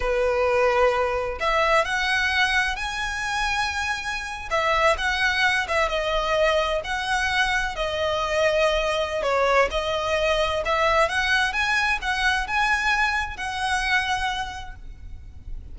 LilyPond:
\new Staff \with { instrumentName = "violin" } { \time 4/4 \tempo 4 = 130 b'2. e''4 | fis''2 gis''2~ | gis''4.~ gis''16 e''4 fis''4~ fis''16~ | fis''16 e''8 dis''2 fis''4~ fis''16~ |
fis''8. dis''2.~ dis''16 | cis''4 dis''2 e''4 | fis''4 gis''4 fis''4 gis''4~ | gis''4 fis''2. | }